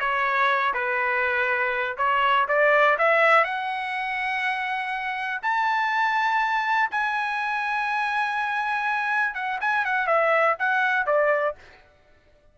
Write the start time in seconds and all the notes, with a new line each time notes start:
0.00 C#5
0.74 B4
1.97 C#5
2.48 D5
2.98 E5
3.44 F#5
5.43 A5
6.91 G#5
9.35 F#5
9.61 G#5
9.85 F#5
10.07 E5
10.59 F#5
11.07 D5